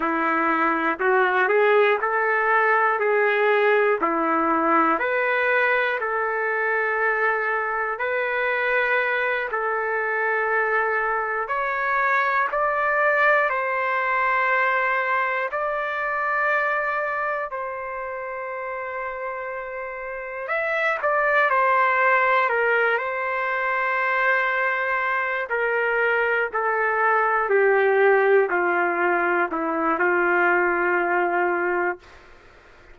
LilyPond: \new Staff \with { instrumentName = "trumpet" } { \time 4/4 \tempo 4 = 60 e'4 fis'8 gis'8 a'4 gis'4 | e'4 b'4 a'2 | b'4. a'2 cis''8~ | cis''8 d''4 c''2 d''8~ |
d''4. c''2~ c''8~ | c''8 e''8 d''8 c''4 ais'8 c''4~ | c''4. ais'4 a'4 g'8~ | g'8 f'4 e'8 f'2 | }